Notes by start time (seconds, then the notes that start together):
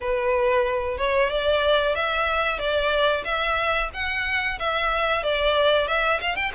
0.00 B4
0.97 C#5
1.30 D5
1.95 E5
2.58 D5
3.24 E5
3.93 F#5
4.59 E5
5.23 D5
5.87 E5
6.20 F5
6.35 G5